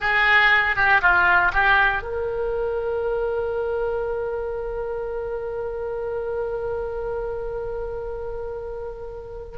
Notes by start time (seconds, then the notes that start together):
0.00 G#4
0.76 G4
1.01 F4
1.52 G4
2.02 A#4